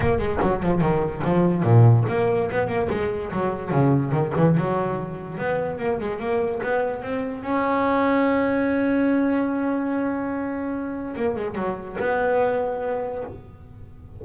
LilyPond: \new Staff \with { instrumentName = "double bass" } { \time 4/4 \tempo 4 = 145 ais8 gis8 fis8 f8 dis4 f4 | ais,4 ais4 b8 ais8 gis4 | fis4 cis4 dis8 e8 fis4~ | fis4 b4 ais8 gis8 ais4 |
b4 c'4 cis'2~ | cis'1~ | cis'2. ais8 gis8 | fis4 b2. | }